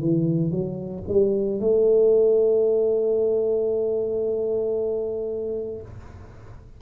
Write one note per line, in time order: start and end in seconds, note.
0.00 0.50 E3
0.50 1.03 F#3
1.07 1.60 G3
1.60 5.81 A3